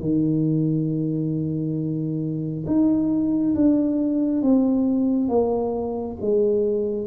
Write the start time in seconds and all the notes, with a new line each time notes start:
0.00 D#3
2.66 D#4
3.55 D4
4.42 C4
5.29 A#3
6.21 G#3